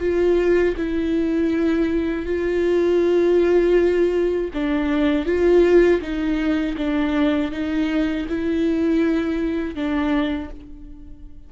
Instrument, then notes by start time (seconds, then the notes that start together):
viola
0.00 F4
0.77 E4
2.26 F4
4.54 D4
5.26 F4
6.01 D#4
6.77 D4
7.51 D#4
8.28 E4
9.75 D4